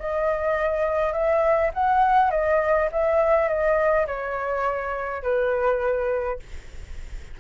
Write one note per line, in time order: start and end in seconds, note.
0.00 1.13 D#5
1.13 1.72 E5
1.74 2.31 F#5
2.31 2.89 D#5
2.92 3.49 E5
3.49 4.07 D#5
4.07 5.23 C#5
5.23 6.40 B4